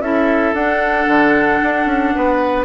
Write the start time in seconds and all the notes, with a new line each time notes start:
0.00 C#4 E4 A4 E5
0.53 D4 F#5
1.08 D3
1.63 D4
1.86 C#4
2.15 B3 B4